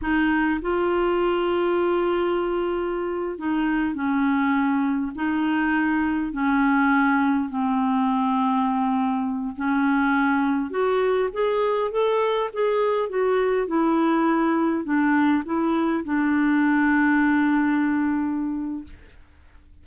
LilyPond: \new Staff \with { instrumentName = "clarinet" } { \time 4/4 \tempo 4 = 102 dis'4 f'2.~ | f'4.~ f'16 dis'4 cis'4~ cis'16~ | cis'8. dis'2 cis'4~ cis'16~ | cis'8. c'2.~ c'16~ |
c'16 cis'2 fis'4 gis'8.~ | gis'16 a'4 gis'4 fis'4 e'8.~ | e'4~ e'16 d'4 e'4 d'8.~ | d'1 | }